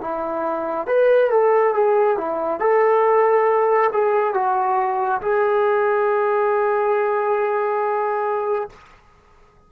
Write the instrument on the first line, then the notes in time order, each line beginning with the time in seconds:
trombone
0.00 E4
0.87 B4
1.30 A4
1.74 G#4
2.17 E4
2.59 A4
3.92 G#4
4.34 F#4
5.21 G#4